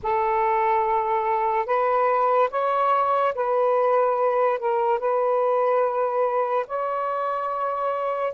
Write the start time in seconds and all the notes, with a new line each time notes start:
0.02 A4
1.66 B4
2.50 C#5
3.34 B4
4.59 A#4
4.99 B4
6.67 C#5